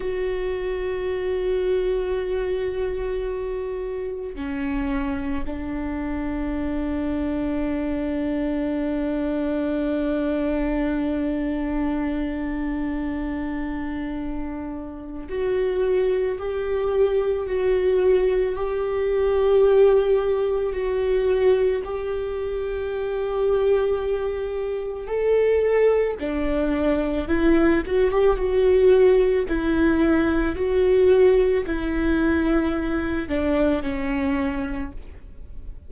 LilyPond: \new Staff \with { instrumentName = "viola" } { \time 4/4 \tempo 4 = 55 fis'1 | cis'4 d'2.~ | d'1~ | d'2 fis'4 g'4 |
fis'4 g'2 fis'4 | g'2. a'4 | d'4 e'8 fis'16 g'16 fis'4 e'4 | fis'4 e'4. d'8 cis'4 | }